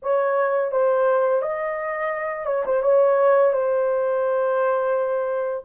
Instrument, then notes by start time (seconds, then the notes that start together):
horn
0.02 C#5
0.71 C5
1.41 D#5
2.46 C#5
2.65 C5
2.82 C#5
3.52 C5